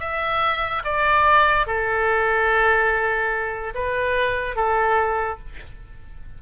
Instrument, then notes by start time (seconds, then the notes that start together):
oboe
0.00 E5
0.84 D5
1.67 A4
3.75 B4
4.56 A4